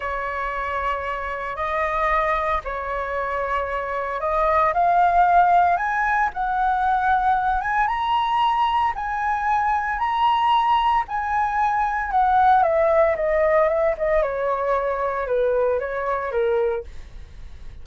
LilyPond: \new Staff \with { instrumentName = "flute" } { \time 4/4 \tempo 4 = 114 cis''2. dis''4~ | dis''4 cis''2. | dis''4 f''2 gis''4 | fis''2~ fis''8 gis''8 ais''4~ |
ais''4 gis''2 ais''4~ | ais''4 gis''2 fis''4 | e''4 dis''4 e''8 dis''8 cis''4~ | cis''4 b'4 cis''4 ais'4 | }